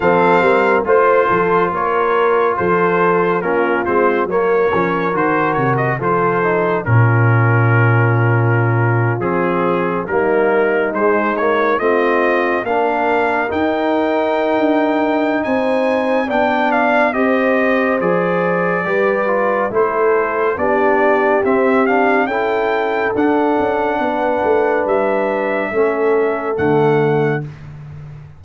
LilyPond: <<
  \new Staff \with { instrumentName = "trumpet" } { \time 4/4 \tempo 4 = 70 f''4 c''4 cis''4 c''4 | ais'8 c''8 cis''4 c''8 cis''16 dis''16 c''4 | ais'2~ ais'8. gis'4 ais'16~ | ais'8. c''8 cis''8 dis''4 f''4 g''16~ |
g''2 gis''4 g''8 f''8 | dis''4 d''2 c''4 | d''4 e''8 f''8 g''4 fis''4~ | fis''4 e''2 fis''4 | }
  \new Staff \with { instrumentName = "horn" } { \time 4/4 a'8 ais'8 c''8 a'8 ais'4 a'4 | f'4 ais'2 a'4 | f'2.~ f'8. dis'16~ | dis'4.~ dis'16 f'4 ais'4~ ais'16~ |
ais'2 c''4 d''4 | c''2 b'4 a'4 | g'2 a'2 | b'2 a'2 | }
  \new Staff \with { instrumentName = "trombone" } { \time 4/4 c'4 f'2. | cis'8 c'8 ais8 cis'8 fis'4 f'8 dis'8 | cis'2~ cis'8. c'4 ais16~ | ais8. gis8 ais8 c'4 d'4 dis'16~ |
dis'2. d'4 | g'4 gis'4 g'8 f'8 e'4 | d'4 c'8 d'8 e'4 d'4~ | d'2 cis'4 a4 | }
  \new Staff \with { instrumentName = "tuba" } { \time 4/4 f8 g8 a8 f8 ais4 f4 | ais8 gis8 fis8 f8 dis8 c8 f4 | ais,2~ ais,8. f4 g16~ | g8. gis4 a4 ais4 dis'16~ |
dis'4 d'4 c'4 b4 | c'4 f4 g4 a4 | b4 c'4 cis'4 d'8 cis'8 | b8 a8 g4 a4 d4 | }
>>